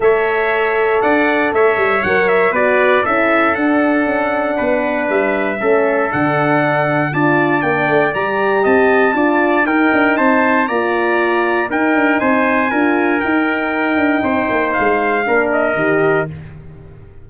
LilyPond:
<<
  \new Staff \with { instrumentName = "trumpet" } { \time 4/4 \tempo 4 = 118 e''2 fis''4 e''4 | fis''8 e''8 d''4 e''4 fis''4~ | fis''2 e''2 | fis''2 a''4 g''4 |
ais''4 a''2 g''4 | a''4 ais''2 g''4 | gis''2 g''2~ | g''4 f''4. dis''4. | }
  \new Staff \with { instrumentName = "trumpet" } { \time 4/4 cis''2 d''4 cis''4~ | cis''4 b'4 a'2~ | a'4 b'2 a'4~ | a'2 d''2~ |
d''4 dis''4 d''4 ais'4 | c''4 d''2 ais'4 | c''4 ais'2. | c''2 ais'2 | }
  \new Staff \with { instrumentName = "horn" } { \time 4/4 a'1 | ais'4 fis'4 e'4 d'4~ | d'2. cis'4 | d'2 f'4 d'4 |
g'2 f'4 dis'4~ | dis'4 f'2 dis'4~ | dis'4 f'4 dis'2~ | dis'2 d'4 g'4 | }
  \new Staff \with { instrumentName = "tuba" } { \time 4/4 a2 d'4 a8 g8 | fis4 b4 cis'4 d'4 | cis'4 b4 g4 a4 | d2 d'4 ais8 a8 |
g4 c'4 d'4 dis'8 d'8 | c'4 ais2 dis'8 d'8 | c'4 d'4 dis'4. d'8 | c'8 ais8 gis4 ais4 dis4 | }
>>